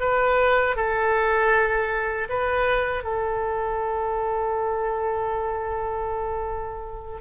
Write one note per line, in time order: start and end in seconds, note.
0.00 0.76 B4
0.76 2.28 A4
2.30 3.04 B4
3.04 7.21 A4